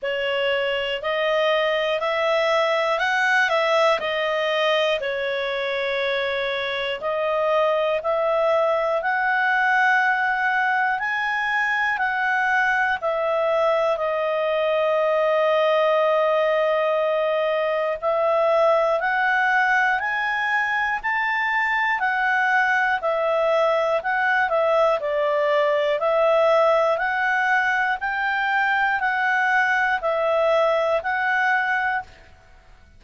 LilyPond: \new Staff \with { instrumentName = "clarinet" } { \time 4/4 \tempo 4 = 60 cis''4 dis''4 e''4 fis''8 e''8 | dis''4 cis''2 dis''4 | e''4 fis''2 gis''4 | fis''4 e''4 dis''2~ |
dis''2 e''4 fis''4 | gis''4 a''4 fis''4 e''4 | fis''8 e''8 d''4 e''4 fis''4 | g''4 fis''4 e''4 fis''4 | }